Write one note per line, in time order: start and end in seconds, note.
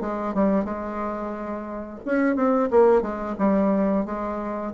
0.00 0.34 G#3
0.34 0.64 G3
0.64 1.99 G#3
2.05 2.35 C#4
2.35 2.69 C4
2.70 3.02 A#3
3.02 3.35 G#3
3.38 4.05 G3
4.05 4.73 G#3